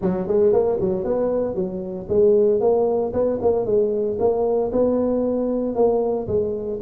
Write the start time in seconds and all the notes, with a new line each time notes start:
0.01 F#3
0.27 G#3
0.52 A#3
0.80 F#3
1.04 B3
1.55 F#3
2.08 G#3
2.60 A#3
3.13 B3
3.41 A#3
3.65 G#3
4.19 A#3
4.71 B3
5.75 A#3
6.27 G#3